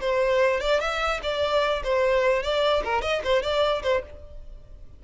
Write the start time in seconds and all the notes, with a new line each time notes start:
0.00 C5
0.60 D5
0.80 E5
1.23 D5
1.83 C5
2.42 D5
2.84 A#4
3.01 D#5
3.24 C5
3.42 D5
3.82 C5